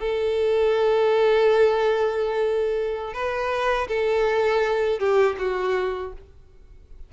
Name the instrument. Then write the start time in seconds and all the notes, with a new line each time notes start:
violin
0.00 A4
3.14 B4
3.88 A4
4.99 G4
5.39 F#4